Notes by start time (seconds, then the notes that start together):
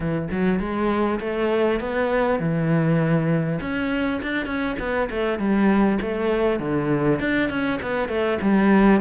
0.00 E3
0.31 F#3
0.59 G#3
1.20 A3
1.80 B3
2.39 E3
3.60 C#4
4.22 D4
4.46 C#4
4.79 B3
5.10 A3
5.38 G3
6.01 A3
6.59 D3
7.19 D4
7.49 C#4
7.82 B3
8.08 A3
8.41 G3